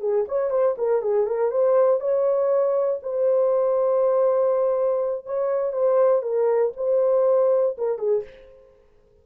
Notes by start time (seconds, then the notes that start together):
0.00 G#4
0.28 C#5
0.50 C5
0.78 A#4
1.02 G#4
1.26 A#4
1.51 C5
2.00 C#5
3.02 C5
5.26 C#5
5.72 C5
6.22 A#4
6.77 C5
7.77 A#4
7.98 G#4